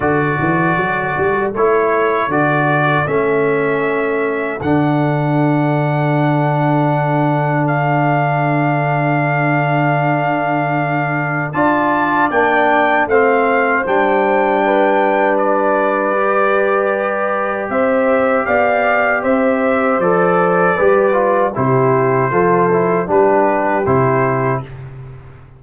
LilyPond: <<
  \new Staff \with { instrumentName = "trumpet" } { \time 4/4 \tempo 4 = 78 d''2 cis''4 d''4 | e''2 fis''2~ | fis''2 f''2~ | f''2. a''4 |
g''4 f''4 g''2 | d''2. e''4 | f''4 e''4 d''2 | c''2 b'4 c''4 | }
  \new Staff \with { instrumentName = "horn" } { \time 4/4 a'1~ | a'1~ | a'1~ | a'2. d''4~ |
d''4 c''2 b'4~ | b'2. c''4 | d''4 c''2 b'4 | g'4 a'4 g'2 | }
  \new Staff \with { instrumentName = "trombone" } { \time 4/4 fis'2 e'4 fis'4 | cis'2 d'2~ | d'1~ | d'2. f'4 |
d'4 c'4 d'2~ | d'4 g'2.~ | g'2 a'4 g'8 f'8 | e'4 f'8 e'8 d'4 e'4 | }
  \new Staff \with { instrumentName = "tuba" } { \time 4/4 d8 e8 fis8 g8 a4 d4 | a2 d2~ | d1~ | d2. d'4 |
ais4 a4 g2~ | g2. c'4 | b4 c'4 f4 g4 | c4 f4 g4 c4 | }
>>